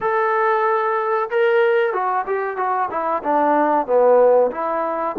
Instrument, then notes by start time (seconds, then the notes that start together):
trombone
0.00 A4
1.30 A#4
1.93 F#4
2.26 G4
2.56 F#4
2.90 E4
3.23 D4
3.86 B3
4.51 E4